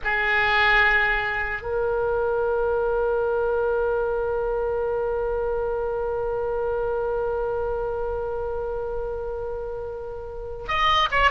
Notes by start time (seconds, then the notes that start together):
0.04 G#4
1.61 A#4
10.67 D#5
11.11 C#5